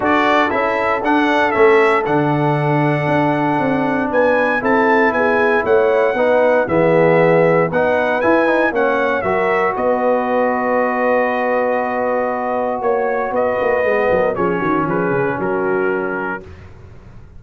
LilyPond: <<
  \new Staff \with { instrumentName = "trumpet" } { \time 4/4 \tempo 4 = 117 d''4 e''4 fis''4 e''4 | fis''1 | gis''4 a''4 gis''4 fis''4~ | fis''4 e''2 fis''4 |
gis''4 fis''4 e''4 dis''4~ | dis''1~ | dis''4 cis''4 dis''2 | cis''4 b'4 ais'2 | }
  \new Staff \with { instrumentName = "horn" } { \time 4/4 a'1~ | a'1 | b'4 a'4 gis'4 cis''4 | b'4 gis'2 b'4~ |
b'4 cis''4 ais'4 b'4~ | b'1~ | b'4 cis''4 b'4. ais'8 | gis'8 fis'8 gis'4 fis'2 | }
  \new Staff \with { instrumentName = "trombone" } { \time 4/4 fis'4 e'4 d'4 cis'4 | d'1~ | d'4 e'2. | dis'4 b2 dis'4 |
e'8 dis'8 cis'4 fis'2~ | fis'1~ | fis'2. b4 | cis'1 | }
  \new Staff \with { instrumentName = "tuba" } { \time 4/4 d'4 cis'4 d'4 a4 | d2 d'4 c'4 | b4 c'4 b4 a4 | b4 e2 b4 |
e'4 ais4 fis4 b4~ | b1~ | b4 ais4 b8 ais8 gis8 fis8 | f8 dis8 f8 cis8 fis2 | }
>>